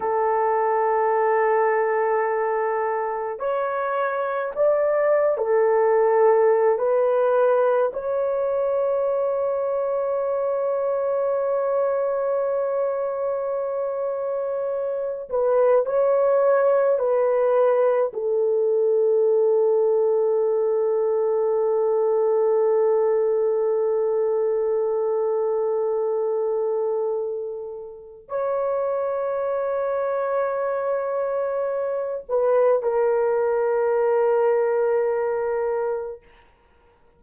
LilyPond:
\new Staff \with { instrumentName = "horn" } { \time 4/4 \tempo 4 = 53 a'2. cis''4 | d''8. a'4~ a'16 b'4 cis''4~ | cis''1~ | cis''4. b'8 cis''4 b'4 |
a'1~ | a'1~ | a'4 cis''2.~ | cis''8 b'8 ais'2. | }